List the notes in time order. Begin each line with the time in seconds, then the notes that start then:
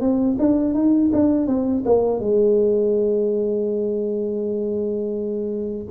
0.00 C4
0.39 D4
0.74 D#4
1.12 D4
1.46 C4
1.85 A#3
2.19 G#3